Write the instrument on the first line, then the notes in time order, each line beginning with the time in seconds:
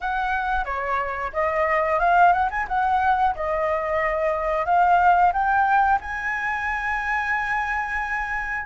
flute
0.00 F#5
0.65 C#5
1.32 D#5
1.99 F5
2.32 F#5
2.50 G#5
2.68 F#5
3.35 D#5
4.65 F5
5.32 G5
6.00 G#5